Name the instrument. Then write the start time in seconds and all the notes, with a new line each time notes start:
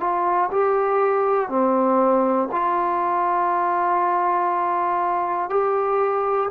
trombone
0.00 F4
0.51 G4
1.49 C4
2.52 F4
5.50 G4